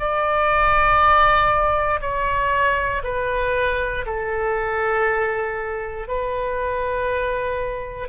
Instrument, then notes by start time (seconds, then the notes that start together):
oboe
0.00 D5
2.01 C#5
3.04 B4
4.06 A4
6.08 B4